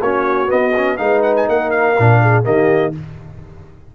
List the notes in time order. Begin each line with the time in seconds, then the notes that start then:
0.00 A#3 C#4 F#4 C#5
0.47 B3 D#5
0.77 C#4
0.97 G#3 D#4 B4 F5
1.22 F#5
1.36 G#5
1.48 A#3 A#4 F#5
1.70 F5
1.99 A#2 D4
2.21 G#4
2.43 D#3 A#3 G4 D#5